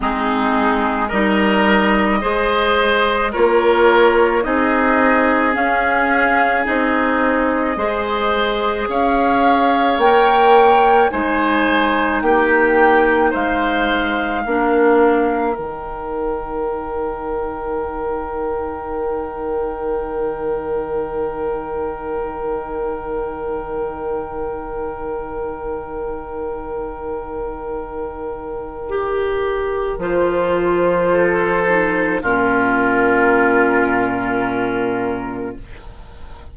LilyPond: <<
  \new Staff \with { instrumentName = "flute" } { \time 4/4 \tempo 4 = 54 gis'4 dis''2 cis''4 | dis''4 f''4 dis''2 | f''4 g''4 gis''4 g''4 | f''2 g''2~ |
g''1~ | g''1~ | g''2. c''4~ | c''4 ais'2. | }
  \new Staff \with { instrumentName = "oboe" } { \time 4/4 dis'4 ais'4 c''4 ais'4 | gis'2. c''4 | cis''2 c''4 g'4 | c''4 ais'2.~ |
ais'1~ | ais'1~ | ais'1 | a'4 f'2. | }
  \new Staff \with { instrumentName = "clarinet" } { \time 4/4 c'4 dis'4 gis'4 f'4 | dis'4 cis'4 dis'4 gis'4~ | gis'4 ais'4 dis'2~ | dis'4 d'4 dis'2~ |
dis'1~ | dis'1~ | dis'2 g'4 f'4~ | f'8 dis'8 cis'2. | }
  \new Staff \with { instrumentName = "bassoon" } { \time 4/4 gis4 g4 gis4 ais4 | c'4 cis'4 c'4 gis4 | cis'4 ais4 gis4 ais4 | gis4 ais4 dis2~ |
dis1~ | dis1~ | dis2. f4~ | f4 ais,2. | }
>>